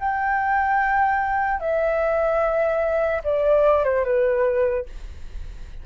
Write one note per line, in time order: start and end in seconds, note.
0.00 1.60 G5
1.60 3.22 E5
3.24 3.84 D5
3.84 4.05 C5
4.05 4.86 B4